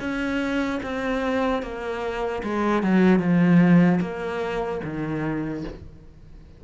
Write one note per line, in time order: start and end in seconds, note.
0.00 0.80 C#4
0.83 1.62 C4
1.62 2.42 A#3
2.43 2.83 G#3
2.83 3.19 F#3
3.19 3.99 F3
4.01 4.81 A#3
4.84 5.64 D#3